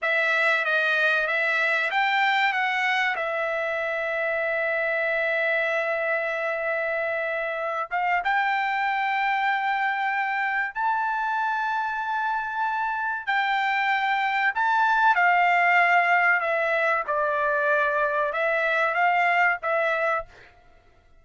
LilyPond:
\new Staff \with { instrumentName = "trumpet" } { \time 4/4 \tempo 4 = 95 e''4 dis''4 e''4 g''4 | fis''4 e''2.~ | e''1~ | e''8 f''8 g''2.~ |
g''4 a''2.~ | a''4 g''2 a''4 | f''2 e''4 d''4~ | d''4 e''4 f''4 e''4 | }